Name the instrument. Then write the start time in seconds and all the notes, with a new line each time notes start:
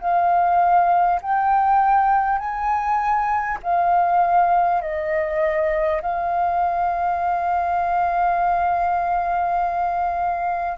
flute
0.00 F5
1.22 G5
2.38 G#5
3.63 F5
4.81 D#5
6.02 F5